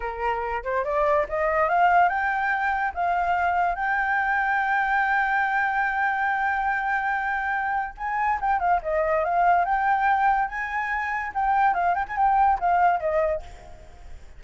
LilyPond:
\new Staff \with { instrumentName = "flute" } { \time 4/4 \tempo 4 = 143 ais'4. c''8 d''4 dis''4 | f''4 g''2 f''4~ | f''4 g''2.~ | g''1~ |
g''2. gis''4 | g''8 f''8 dis''4 f''4 g''4~ | g''4 gis''2 g''4 | f''8 g''16 gis''16 g''4 f''4 dis''4 | }